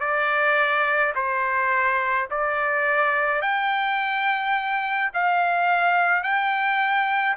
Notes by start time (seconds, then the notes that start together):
0.00 D5
1.15 C5
2.30 D5
3.41 G5
5.14 F5
6.23 G5